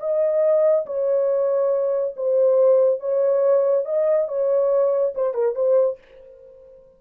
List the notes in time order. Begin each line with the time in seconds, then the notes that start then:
0.00 D#5
0.86 C#5
2.16 C5
3.00 C#5
3.86 D#5
4.28 C#5
5.15 C5
5.34 A#4
5.55 C5